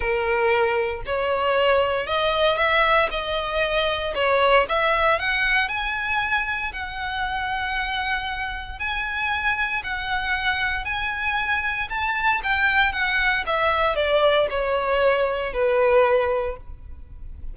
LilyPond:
\new Staff \with { instrumentName = "violin" } { \time 4/4 \tempo 4 = 116 ais'2 cis''2 | dis''4 e''4 dis''2 | cis''4 e''4 fis''4 gis''4~ | gis''4 fis''2.~ |
fis''4 gis''2 fis''4~ | fis''4 gis''2 a''4 | g''4 fis''4 e''4 d''4 | cis''2 b'2 | }